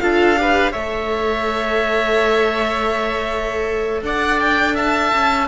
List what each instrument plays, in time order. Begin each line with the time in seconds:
0.00 cello D4, viola F4, oboe A4, violin F5
0.37 viola G4, oboe B4
0.72 cello A3, viola A4, oboe C#5, violin E5
4.03 cello D4, oboe D5, violin F#5
4.40 violin G5
4.75 oboe E5, violin A5
5.14 cello C#4